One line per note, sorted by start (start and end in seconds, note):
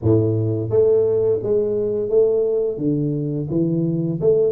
0.02 0.70 A2
0.70 1.40 A3
1.42 2.09 G#3
2.09 2.77 A3
2.77 3.47 D3
3.50 4.20 E3
4.21 4.52 A3